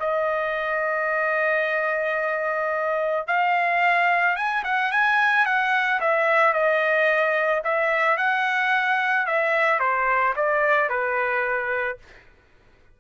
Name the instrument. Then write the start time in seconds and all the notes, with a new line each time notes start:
trumpet
0.00 D#5
3.27 F5
4.36 G#5
4.64 F#5
4.92 G#5
5.46 F#5
6.00 E5
6.53 D#5
7.64 E5
8.17 F#5
9.27 E5
9.80 C5
10.36 D5
10.89 B4